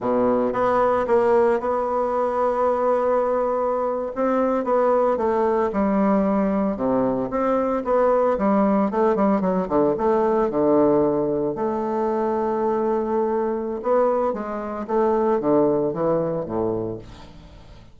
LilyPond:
\new Staff \with { instrumentName = "bassoon" } { \time 4/4 \tempo 4 = 113 b,4 b4 ais4 b4~ | b2.~ b8. c'16~ | c'8. b4 a4 g4~ g16~ | g8. c4 c'4 b4 g16~ |
g8. a8 g8 fis8 d8 a4 d16~ | d4.~ d16 a2~ a16~ | a2 b4 gis4 | a4 d4 e4 a,4 | }